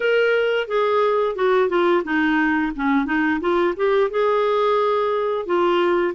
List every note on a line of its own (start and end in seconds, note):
0.00 0.67 A#4
0.67 1.35 G#4
1.35 1.69 F#4
1.69 2.03 F4
2.04 2.72 D#4
2.75 3.05 C#4
3.05 3.39 D#4
3.40 3.74 F4
3.76 4.10 G4
4.10 5.45 G#4
5.45 6.14 F4